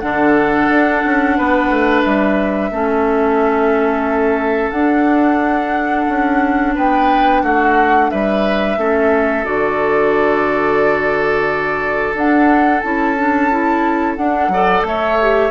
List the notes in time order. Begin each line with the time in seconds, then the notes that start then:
0.00 D3 D4 A4 F#5
0.69 D4
1.05 C#4
1.38 B3 B4
1.70 A3
2.03 G3 E5
2.71 A3 C#4 A4
4.71 D4 F#5
6.09 C#4
6.75 B3 B4 G5
7.43 A3 F#4 F#5
8.11 G3 B4 E5
8.78 A3 C#4 A4
9.45 D3 F#4 D5
12.14 D4 F#5
12.81 C#4 E4 A5
13.17 D4
13.51 E4
14.16 D4 F#5
14.48 F#3 A4 D5
14.83 A3 C#5 E5
15.22 G4